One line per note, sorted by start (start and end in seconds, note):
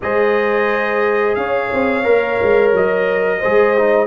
0.02 1.36 G#3
0.02 2.03 G#4
0.02 1.38 C5
0.02 1.34 D#5
1.34 1.70 C#4
1.34 3.39 C#5
1.34 2.71 F5
1.73 2.05 C4
2.03 2.39 A#3
2.03 3.39 A#4
2.42 2.73 G#3
2.73 3.41 F#3
2.73 4.06 D#5
3.39 4.06 G#3
3.39 3.77 G#4
3.39 4.06 C5
3.77 4.06 D#4